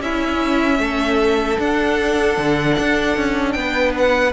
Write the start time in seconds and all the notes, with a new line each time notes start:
0.00 C#4 E4 E5
0.79 A3 A4
1.58 D4 F#5
2.37 D3
2.79 D4
3.17 C#4
3.52 B3 G5
3.59 B4
3.98 F#5